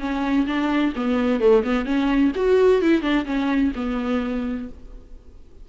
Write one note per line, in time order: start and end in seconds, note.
0.00 0.47 C#4
0.47 0.94 D4
0.96 1.41 B3
1.41 1.64 A3
1.64 1.86 B3
1.86 2.32 C#4
2.36 2.82 F#4
2.82 3.02 E4
3.02 3.26 D4
3.26 3.72 C#4
3.76 4.69 B3